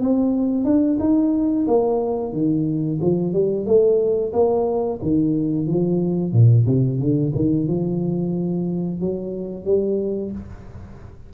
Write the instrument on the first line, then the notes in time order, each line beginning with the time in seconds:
tuba
0.00 C4
0.64 D4
0.99 D#4
1.67 A#3
2.32 D#3
3.01 F3
3.33 G3
3.65 A3
4.32 A#3
5.02 D#3
5.66 F3
6.32 A#2
6.65 C3
6.98 D3
7.34 D#3
7.67 F3
9.00 F#3
9.65 G3